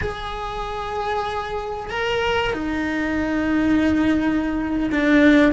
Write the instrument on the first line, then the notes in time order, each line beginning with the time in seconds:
cello
0.01 G#4
1.90 A#4
2.53 D#4
4.91 D4